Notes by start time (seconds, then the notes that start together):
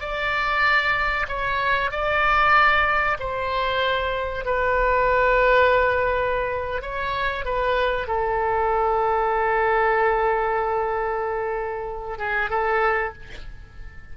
0.00 D5
1.28 C#5
1.91 D5
3.19 C5
4.45 B4
6.82 C#5
7.45 B4
8.07 A4
12.18 G#4
12.49 A4